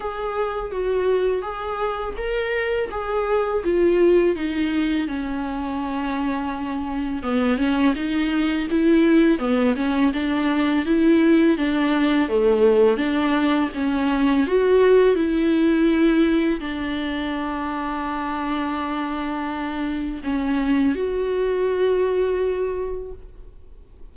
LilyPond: \new Staff \with { instrumentName = "viola" } { \time 4/4 \tempo 4 = 83 gis'4 fis'4 gis'4 ais'4 | gis'4 f'4 dis'4 cis'4~ | cis'2 b8 cis'8 dis'4 | e'4 b8 cis'8 d'4 e'4 |
d'4 a4 d'4 cis'4 | fis'4 e'2 d'4~ | d'1 | cis'4 fis'2. | }